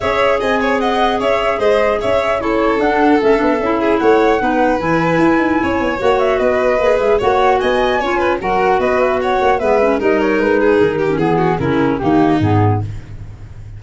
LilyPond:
<<
  \new Staff \with { instrumentName = "flute" } { \time 4/4 \tempo 4 = 150 e''4 gis''4 fis''4 e''4 | dis''4 e''4 cis''4 fis''4 | e''2 fis''2 | gis''2. fis''8 e''8 |
dis''4. e''8 fis''4 gis''4~ | gis''4 fis''4 dis''8 e''8 fis''4 | e''4 dis''8 cis''8 b'4 ais'4 | gis'4 ais'4 g'4 gis'4 | }
  \new Staff \with { instrumentName = "violin" } { \time 4/4 cis''4 dis''8 cis''8 dis''4 cis''4 | c''4 cis''4 a'2~ | a'4. gis'8 cis''4 b'4~ | b'2 cis''2 |
b'2 cis''4 dis''4 | cis''8 b'8 ais'4 b'4 cis''4 | b'4 ais'4. gis'4 g'8 | gis'8 fis'8 e'4 dis'2 | }
  \new Staff \with { instrumentName = "clarinet" } { \time 4/4 gis'1~ | gis'2 e'4 d'4 | cis'8 d'8 e'2 dis'4 | e'2. fis'4~ |
fis'4 gis'4 fis'2 | f'4 fis'2. | b8 cis'8 dis'2~ dis'8. cis'16 | b4 cis'4 ais4 b4 | }
  \new Staff \with { instrumentName = "tuba" } { \time 4/4 cis'4 c'2 cis'4 | gis4 cis'2 d'4 | a8 b8 cis'4 a4 b4 | e4 e'8 dis'8 cis'8 b8 ais4 |
b4 ais8 gis8 ais4 b4 | cis'4 fis4 b4. ais8 | gis4 g4 gis4 dis4 | e4 cis4 dis4 gis,4 | }
>>